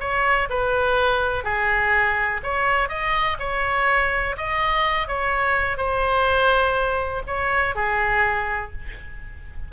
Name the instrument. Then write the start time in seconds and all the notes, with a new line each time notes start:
oboe
0.00 C#5
0.50 B4
1.44 G#4
2.43 C#5
2.89 D#5
3.40 C#5
4.37 D#5
5.08 C#5
5.77 C5
7.27 C#5
7.76 G#4